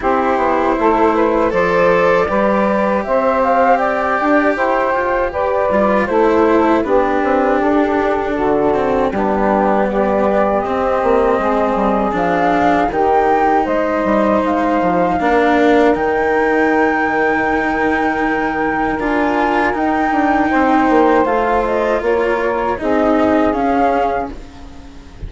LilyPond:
<<
  \new Staff \with { instrumentName = "flute" } { \time 4/4 \tempo 4 = 79 c''2 d''2 | e''8 f''8 g''2 d''4 | c''4 b'4 a'2 | g'4 d''4 dis''2 |
f''4 g''4 dis''4 f''4~ | f''4 g''2.~ | g''4 gis''4 g''2 | f''8 dis''8 cis''4 dis''4 f''4 | }
  \new Staff \with { instrumentName = "saxophone" } { \time 4/4 g'4 a'8 b'8 c''4 b'4 | c''4 d''4 c''4 b'4 | a'4 g'2 fis'4 | d'4 g'2 gis'4~ |
gis'4 g'4 c''2 | ais'1~ | ais'2. c''4~ | c''4 ais'4 gis'2 | }
  \new Staff \with { instrumentName = "cello" } { \time 4/4 e'2 a'4 g'4~ | g'2.~ g'8 f'8 | e'4 d'2~ d'8 c'8 | b2 c'2 |
d'4 dis'2. | d'4 dis'2.~ | dis'4 f'4 dis'2 | f'2 dis'4 cis'4 | }
  \new Staff \with { instrumentName = "bassoon" } { \time 4/4 c'8 b8 a4 f4 g4 | c'4. d'8 e'8 f'8 g'8 g8 | a4 b8 c'8 d'4 d4 | g2 c'8 ais8 gis8 g8 |
f4 dis4 gis8 g8 gis8 f8 | ais4 dis2.~ | dis4 d'4 dis'8 d'8 c'8 ais8 | a4 ais4 c'4 cis'4 | }
>>